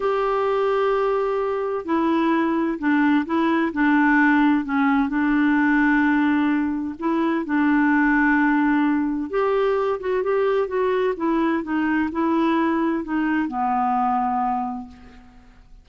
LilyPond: \new Staff \with { instrumentName = "clarinet" } { \time 4/4 \tempo 4 = 129 g'1 | e'2 d'4 e'4 | d'2 cis'4 d'4~ | d'2. e'4 |
d'1 | g'4. fis'8 g'4 fis'4 | e'4 dis'4 e'2 | dis'4 b2. | }